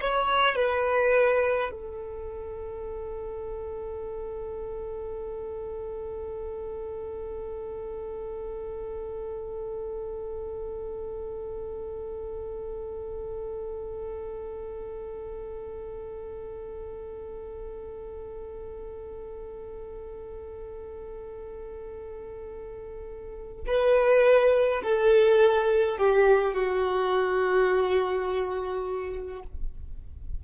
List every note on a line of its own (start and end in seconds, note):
0.00 0.55 C#5
0.55 1.70 B4
1.71 23.63 A4
23.66 24.82 B4
24.82 25.97 A4
25.97 26.53 G4
26.53 29.42 F#4